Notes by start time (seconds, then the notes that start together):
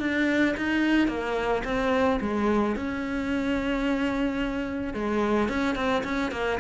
0.00 D4
0.57 D#4
1.08 A#3
1.64 C4
2.21 G#3
2.76 C#4
4.94 G#3
5.48 C#4
5.75 C4
6.04 C#4
6.32 A#3